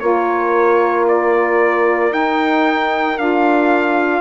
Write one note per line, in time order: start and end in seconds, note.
0.00 2.13 A#3
0.00 2.10 F4
0.00 4.21 A#4
0.00 1.05 C#5
1.09 2.13 D5
2.10 3.15 D#4
2.10 3.19 D#4
2.10 3.18 G5
3.18 4.21 D4
3.18 4.21 F4
3.18 4.21 F5